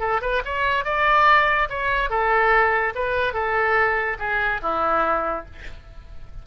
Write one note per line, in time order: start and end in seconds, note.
0.00 0.21 A4
0.21 0.42 B4
0.45 0.85 C#5
0.85 1.69 D5
1.70 2.10 C#5
2.10 2.94 A4
2.95 3.33 B4
3.33 4.17 A4
4.19 4.61 G#4
4.62 5.45 E4